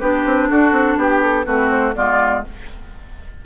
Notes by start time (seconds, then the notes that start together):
0.00 B3 D4 G4 B4
0.26 C4
0.49 D4 F#4 A4
0.72 C4
0.97 B3 G4
1.22 A4
1.45 A3 C4 F#4 B4
1.70 C5
1.95 G#3 B3 F4 D5